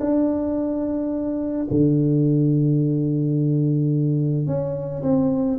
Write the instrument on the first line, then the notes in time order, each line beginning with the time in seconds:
tuba
0.00 D4
1.70 D3
4.47 C#4
5.03 C4